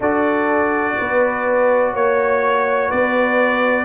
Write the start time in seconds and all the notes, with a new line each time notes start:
0.00 D4 F#4 A4 D5
0.98 B3 B4
1.93 A#3 C#5
2.88 B3 B4 D5